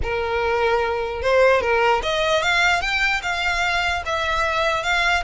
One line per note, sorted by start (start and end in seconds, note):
0.03 1.22 A#4
1.22 1.61 C5
1.61 2.01 A#4
2.02 2.42 D#5
2.42 2.81 F5
2.81 3.21 G5
3.22 4.02 F5
4.05 4.83 E5
4.83 5.23 F5